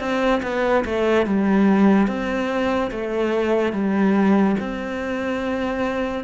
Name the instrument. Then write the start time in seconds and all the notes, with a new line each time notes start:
cello
0.00 C4
0.42 B3
0.85 A3
1.26 G3
2.07 C4
2.91 A3
3.72 G3
4.60 C4